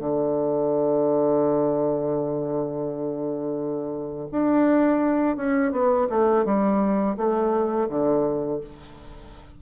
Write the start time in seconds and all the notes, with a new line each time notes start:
0.00 D3
4.32 D4
5.37 C#4
5.72 B3
6.10 A3
6.45 G3
7.17 A3
7.89 D3